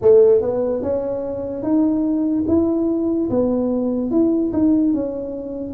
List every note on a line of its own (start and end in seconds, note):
0.01 0.41 A3
0.41 0.82 B3
0.82 1.62 C#4
1.62 2.44 D#4
2.47 3.29 E4
3.30 4.11 B3
4.11 4.52 E4
4.52 4.93 D#4
4.93 5.73 C#4